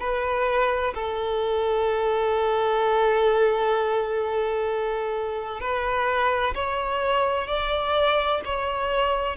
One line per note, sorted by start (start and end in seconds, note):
0.00 0.94 B4
0.94 5.61 A4
5.61 6.55 B4
6.55 7.48 C#5
7.48 8.42 D5
8.45 9.37 C#5